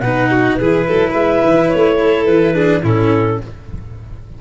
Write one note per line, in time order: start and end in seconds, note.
0.00 0.57 B2
0.00 0.61 D#4
0.00 0.31 B4
0.00 0.55 F#5
0.31 0.59 F#4
0.55 0.88 E3
0.55 2.54 E4
0.55 0.88 G#4
0.55 1.12 B4
0.88 1.13 F#3
0.88 1.11 A4
1.11 1.41 G#3
1.11 1.95 B4
1.11 1.69 E5
1.43 1.71 E3
1.69 2.27 A3
1.69 2.25 C#5
2.00 2.55 A4
2.25 2.83 E3
2.25 2.82 B4
2.54 2.82 D4
2.54 2.83 G#4
2.83 3.39 A2
2.83 3.41 C#4
2.83 3.39 E4
2.83 3.41 A4